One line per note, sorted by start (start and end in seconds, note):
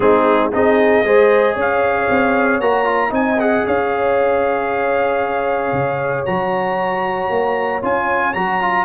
0.00 0.52 G#3
0.00 0.51 C4
0.00 0.53 D#4
0.00 0.50 G#4
0.52 1.03 C4
0.52 1.04 D#4
0.52 1.05 G#4
0.52 1.57 D#5
1.03 1.56 G#3
1.03 2.61 G#4
1.03 1.53 C5
1.53 2.08 C#4
1.53 3.10 C#5
1.60 2.60 F5
2.09 2.59 C4
2.59 3.11 A#3
2.59 2.84 F#4
2.59 3.12 A#5
2.84 3.09 F4
3.09 3.63 C4
3.09 3.35 D#4
3.09 3.66 D#5
3.09 3.40 G#5
3.40 6.26 G#4
3.40 3.66 F#5
3.66 5.72 C#4
3.66 8.85 C#5
3.66 6.25 F5
5.72 6.24 C#3
6.25 7.29 F#3
6.25 7.81 F#4
6.25 7.82 A#5
7.29 7.81 A#3
7.81 8.34 C#4
7.81 8.34 F4
7.81 8.33 G#5
8.33 8.85 F#3
8.33 8.60 F#4
8.33 8.85 A#5
8.60 8.85 F4